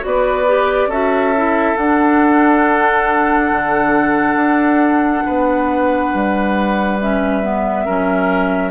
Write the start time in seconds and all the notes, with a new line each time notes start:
0.00 B3 F#4 D5
0.07 B4
0.47 G4
0.86 C#4 F#4 A4 E5
1.36 E4
1.76 D4 F#5
3.51 D3
4.35 D4
5.25 B3 B4
6.13 G3
7.00 C#4 E5
7.42 B3
7.85 F#3 C#4 A#4